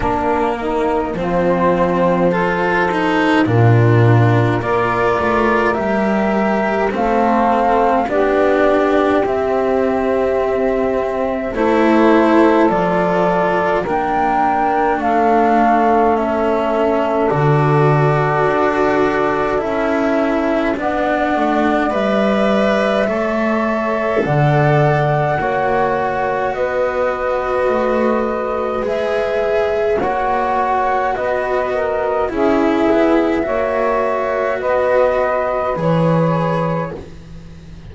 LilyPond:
<<
  \new Staff \with { instrumentName = "flute" } { \time 4/4 \tempo 4 = 52 ais'4 c''2 ais'4 | d''4 e''4 f''4 d''4 | e''2 c''4 d''4 | g''4 f''4 e''4 d''4~ |
d''4 e''4 fis''4 e''4~ | e''4 fis''2 dis''4~ | dis''4 e''4 fis''4 dis''4 | e''2 dis''4 cis''4 | }
  \new Staff \with { instrumentName = "saxophone" } { \time 4/4 d'8 dis'8 f'4 a'4 f'4 | ais'2 a'4 g'4~ | g'2 a'2 | ais'4 a'2.~ |
a'2 d''2 | cis''4 d''4 cis''4 b'4~ | b'2 cis''4 b'8 ais'8 | gis'4 cis''4 b'2 | }
  \new Staff \with { instrumentName = "cello" } { \time 4/4 ais4 c'4 f'8 dis'8 d'4 | f'4 g'4 c'4 d'4 | c'2 e'4 f'4 | d'2 cis'4 fis'4~ |
fis'4 e'4 d'4 b'4 | a'2 fis'2~ | fis'4 gis'4 fis'2 | e'4 fis'2 gis'4 | }
  \new Staff \with { instrumentName = "double bass" } { \time 4/4 ais4 f2 ais,4 | ais8 a8 g4 a4 b4 | c'2 a4 f4 | ais4 a2 d4 |
d'4 cis'4 b8 a8 g4 | a4 d4 ais4 b4 | a4 gis4 ais4 b4 | cis'8 b8 ais4 b4 e4 | }
>>